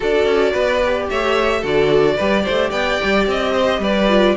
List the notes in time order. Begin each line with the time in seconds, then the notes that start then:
0.00 D4 F#4 A4 D5
0.25 C#4
0.52 B3 B4
0.84 G4
1.09 A3 C#5 E5
1.60 D3 F#4 A4
1.66 D5
2.15 G3 G4 B4
2.43 A3 C5
2.69 B3 D5 G5
3.03 G3
3.27 C4 D#5
3.52 C5
3.79 G3 B4 D5
4.08 F4